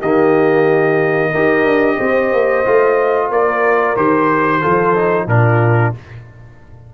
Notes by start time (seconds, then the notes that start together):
0.00 D#3 A#3 G4 D#5
1.31 D#4 G4 A#4
1.64 D4
1.97 C4 C5
2.32 A#3
2.65 A3 F4
3.30 A#3 A#4 D5
3.96 D#3 G4 C5
4.61 F3 F4 A4
4.96 D#4
5.26 A#2 D4 F4 A#4